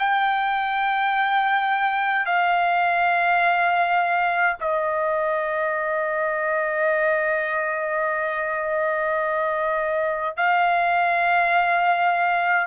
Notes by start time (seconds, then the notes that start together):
0.00 G5
2.26 F5
4.60 D#5
10.37 F5